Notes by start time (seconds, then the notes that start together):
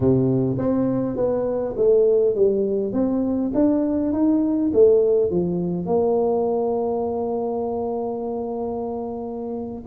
0.00 C3
0.57 C4
1.16 B3
1.76 A3
2.35 G3
2.93 C4
3.54 D4
4.12 D#4
4.73 A3
5.30 F3
5.86 A#3